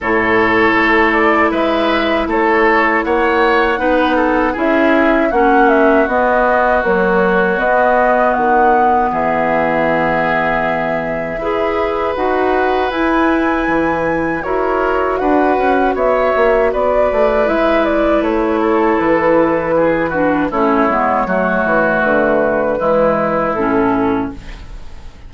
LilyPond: <<
  \new Staff \with { instrumentName = "flute" } { \time 4/4 \tempo 4 = 79 cis''4. d''8 e''4 cis''4 | fis''2 e''4 fis''8 e''8 | dis''4 cis''4 dis''4 fis''4 | e''1 |
fis''4 gis''2 cis''4 | fis''4 e''4 d''4 e''8 d''8 | cis''4 b'2 cis''4~ | cis''4 b'2 a'4 | }
  \new Staff \with { instrumentName = "oboe" } { \time 4/4 a'2 b'4 a'4 | cis''4 b'8 a'8 gis'4 fis'4~ | fis'1 | gis'2. b'4~ |
b'2. ais'4 | b'4 cis''4 b'2~ | b'8 a'4. gis'8 fis'8 e'4 | fis'2 e'2 | }
  \new Staff \with { instrumentName = "clarinet" } { \time 4/4 e'1~ | e'4 dis'4 e'4 cis'4 | b4 fis4 b2~ | b2. gis'4 |
fis'4 e'2 fis'4~ | fis'2. e'4~ | e'2~ e'8 d'8 cis'8 b8 | a2 gis4 cis'4 | }
  \new Staff \with { instrumentName = "bassoon" } { \time 4/4 a,4 a4 gis4 a4 | ais4 b4 cis'4 ais4 | b4 ais4 b4 dis4 | e2. e'4 |
dis'4 e'4 e4 e'4 | d'8 cis'8 b8 ais8 b8 a8 gis4 | a4 e2 a8 gis8 | fis8 e8 d4 e4 a,4 | }
>>